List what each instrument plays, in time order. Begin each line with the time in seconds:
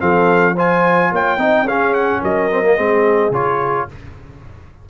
0.00 tuba F3, trombone C4, horn A4, trumpet F5
0.55 trombone F4, horn C5, trumpet G#5
1.12 tuba A#3, horn C#5, trumpet G5
1.38 tuba C4, trombone D#4, horn D#5
1.63 tuba C#4, horn G#4, trumpet F5
1.69 trombone C#4
1.94 trumpet F#5
2.22 tuba F#3, horn A#4, trumpet D#5
2.51 trombone C4
2.63 trombone A#3
2.77 tuba G#3, trombone C4, horn G#4
3.31 tuba C#3, trombone F4, trumpet C#5